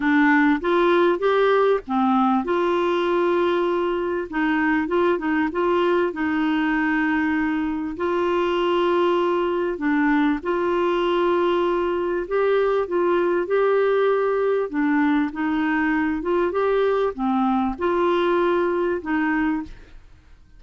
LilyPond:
\new Staff \with { instrumentName = "clarinet" } { \time 4/4 \tempo 4 = 98 d'4 f'4 g'4 c'4 | f'2. dis'4 | f'8 dis'8 f'4 dis'2~ | dis'4 f'2. |
d'4 f'2. | g'4 f'4 g'2 | d'4 dis'4. f'8 g'4 | c'4 f'2 dis'4 | }